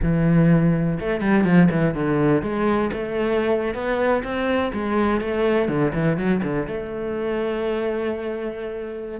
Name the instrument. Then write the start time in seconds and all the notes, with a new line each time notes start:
cello
0.02 E3
0.99 A3
1.20 G3
1.44 F3
1.70 E3
1.94 D3
2.42 G#3
2.92 A3
3.74 B3
4.23 C4
4.73 G#3
5.20 A3
5.68 D3
5.93 E3
6.17 F#3
6.43 D3
6.67 A3